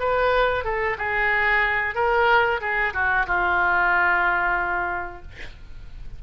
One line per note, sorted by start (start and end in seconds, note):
0.00 0.65 B4
0.65 0.97 A4
0.98 1.95 G#4
1.95 2.61 A#4
2.61 2.94 G#4
2.94 3.26 F#4
3.27 5.22 F4